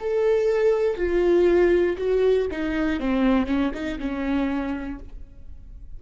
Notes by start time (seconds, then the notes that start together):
0.00 A4
0.97 F4
1.97 F#4
2.51 D#4
3.00 C4
3.46 C#4
3.74 D#4
3.99 C#4